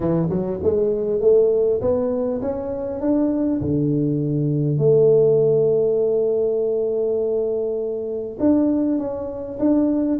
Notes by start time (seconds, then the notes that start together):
0.00 E3
0.29 F#3
0.63 G#3
1.20 A3
1.81 B3
2.41 C#4
3.01 D4
3.61 D3
4.78 A3
8.39 D4
8.98 C#4
9.59 D4